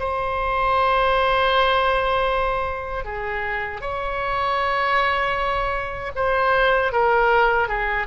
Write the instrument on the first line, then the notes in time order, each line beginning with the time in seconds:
oboe
0.00 C5
3.05 G#4
3.81 C#5
6.16 C5
6.93 A#4
7.69 G#4